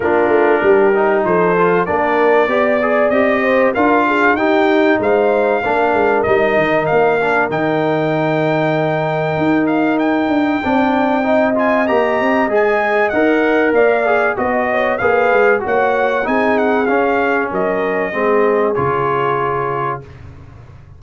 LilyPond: <<
  \new Staff \with { instrumentName = "trumpet" } { \time 4/4 \tempo 4 = 96 ais'2 c''4 d''4~ | d''4 dis''4 f''4 g''4 | f''2 dis''4 f''4 | g''2.~ g''8 f''8 |
g''2~ g''8 gis''8 ais''4 | gis''4 fis''4 f''4 dis''4 | f''4 fis''4 gis''8 fis''8 f''4 | dis''2 cis''2 | }
  \new Staff \with { instrumentName = "horn" } { \time 4/4 f'4 g'4 a'4 ais'4 | d''4. c''8 ais'8 gis'8 g'4 | c''4 ais'2.~ | ais'1~ |
ais'4 d''4 dis''2~ | dis''2 d''4 dis''8 cis''8 | b'4 cis''4 gis'2 | ais'4 gis'2. | }
  \new Staff \with { instrumentName = "trombone" } { \time 4/4 d'4. dis'4 f'8 d'4 | g'8 gis'8 g'4 f'4 dis'4~ | dis'4 d'4 dis'4. d'8 | dis'1~ |
dis'4 d'4 dis'8 f'8 g'4 | gis'4 ais'4. gis'8 fis'4 | gis'4 fis'4 dis'4 cis'4~ | cis'4 c'4 f'2 | }
  \new Staff \with { instrumentName = "tuba" } { \time 4/4 ais8 a8 g4 f4 ais4 | b4 c'4 d'4 dis'4 | gis4 ais8 gis8 g8 dis8 ais4 | dis2. dis'4~ |
dis'8 d'8 c'2 ais8 c'8 | gis4 dis'4 ais4 b4 | ais8 gis8 ais4 c'4 cis'4 | fis4 gis4 cis2 | }
>>